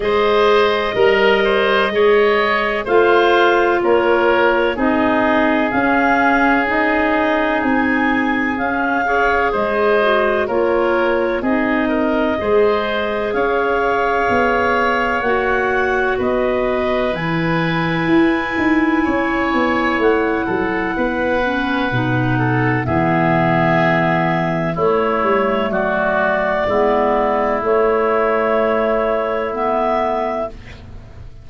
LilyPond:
<<
  \new Staff \with { instrumentName = "clarinet" } { \time 4/4 \tempo 4 = 63 dis''2. f''4 | cis''4 dis''4 f''4 dis''4 | gis''4 f''4 dis''4 cis''4 | dis''2 f''2 |
fis''4 dis''4 gis''2~ | gis''4 fis''2. | e''2 cis''4 d''4~ | d''4 cis''2 e''4 | }
  \new Staff \with { instrumentName = "oboe" } { \time 4/4 c''4 ais'8 c''8 cis''4 c''4 | ais'4 gis'2.~ | gis'4. cis''8 c''4 ais'4 | gis'8 ais'8 c''4 cis''2~ |
cis''4 b'2. | cis''4. a'8 b'4. a'8 | gis'2 e'4 fis'4 | e'1 | }
  \new Staff \with { instrumentName = "clarinet" } { \time 4/4 gis'4 ais'4 gis'4 f'4~ | f'4 dis'4 cis'4 dis'4~ | dis'4 cis'8 gis'4 fis'8 f'4 | dis'4 gis'2. |
fis'2 e'2~ | e'2~ e'8 cis'8 dis'4 | b2 a2 | b4 a2 b4 | }
  \new Staff \with { instrumentName = "tuba" } { \time 4/4 gis4 g4 gis4 a4 | ais4 c'4 cis'2 | c'4 cis'4 gis4 ais4 | c'4 gis4 cis'4 b4 |
ais4 b4 e4 e'8 dis'8 | cis'8 b8 a8 fis8 b4 b,4 | e2 a8 g8 fis4 | gis4 a2. | }
>>